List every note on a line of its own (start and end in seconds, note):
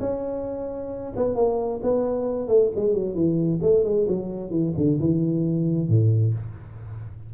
0.00 1.13 C#4
1.16 1.35 B3
1.35 1.80 A#3
1.83 2.48 B3
2.48 2.70 A3
2.75 2.94 G#3
2.94 3.15 F#3
3.15 3.60 E3
3.62 3.84 A3
3.84 4.06 G#3
4.08 4.50 F#3
4.50 4.73 E3
4.77 4.99 D3
4.99 5.89 E3
5.89 6.34 A2